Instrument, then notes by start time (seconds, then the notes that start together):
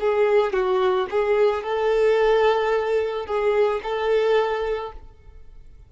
violin
0.00 G#4
0.53 F#4
1.10 G#4
1.63 A4
3.26 G#4
3.83 A4